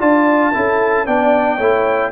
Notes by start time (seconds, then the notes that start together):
0.00 D4 F4 D5 A5
0.54 C#4 E4 A4
1.06 B3 D4 D5 G5
1.57 A3 E4 C#5